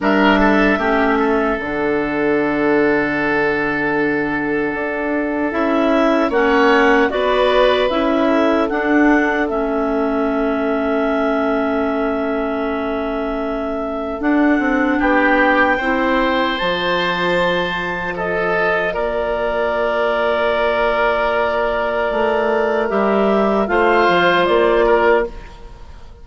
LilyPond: <<
  \new Staff \with { instrumentName = "clarinet" } { \time 4/4 \tempo 4 = 76 e''2 fis''2~ | fis''2. e''4 | fis''4 d''4 e''4 fis''4 | e''1~ |
e''2 fis''4 g''4~ | g''4 a''2 dis''4 | d''1~ | d''4 e''4 f''4 d''4 | }
  \new Staff \with { instrumentName = "oboe" } { \time 4/4 ais'8 a'8 g'8 a'2~ a'8~ | a'1 | cis''4 b'4. a'4.~ | a'1~ |
a'2. g'4 | c''2. a'4 | ais'1~ | ais'2 c''4. ais'8 | }
  \new Staff \with { instrumentName = "clarinet" } { \time 4/4 d'4 cis'4 d'2~ | d'2. e'4 | cis'4 fis'4 e'4 d'4 | cis'1~ |
cis'2 d'2 | e'4 f'2.~ | f'1~ | f'4 g'4 f'2 | }
  \new Staff \with { instrumentName = "bassoon" } { \time 4/4 g4 a4 d2~ | d2 d'4 cis'4 | ais4 b4 cis'4 d'4 | a1~ |
a2 d'8 c'8 b4 | c'4 f2. | ais1 | a4 g4 a8 f8 ais4 | }
>>